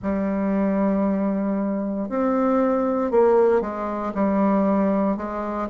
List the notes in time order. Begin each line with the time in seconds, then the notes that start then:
0.02 G3
2.09 C4
3.11 A#3
3.61 G#3
4.14 G3
5.17 G#3